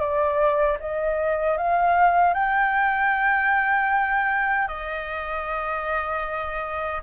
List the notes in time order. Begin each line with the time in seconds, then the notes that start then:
0.00 D5
0.80 D#5
1.58 F5
2.34 G5
4.68 D#5